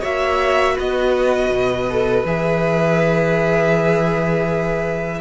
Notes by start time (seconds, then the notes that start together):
0.00 A#3 F#4 C#5 E5
0.75 B3 B4 D#5
1.49 B2
1.90 A4
2.25 E3 G#4 E5